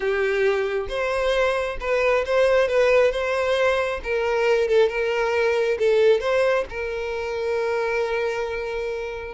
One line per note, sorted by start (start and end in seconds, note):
0.00 0.87 G4
0.88 1.77 C5
1.80 2.24 B4
2.25 2.67 C5
2.67 3.11 B4
3.11 4.00 C5
4.03 4.68 A#4
4.68 4.88 A4
4.88 5.77 A#4
5.78 6.20 A4
6.20 6.64 C5
6.69 9.34 A#4